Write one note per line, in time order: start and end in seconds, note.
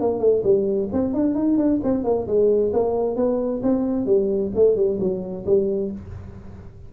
0.00 0.19 A#3
0.19 0.42 A3
0.43 0.89 G3
0.92 1.13 C4
1.13 1.35 D4
1.35 1.57 D#4
1.57 1.80 D4
1.83 2.04 C4
2.04 2.26 A#3
2.27 2.72 G#3
2.73 3.16 A#3
3.16 3.61 B3
3.63 4.06 C4
4.06 4.51 G3
4.55 4.76 A3
4.76 4.99 G3
5.00 5.45 F#3
5.46 5.91 G3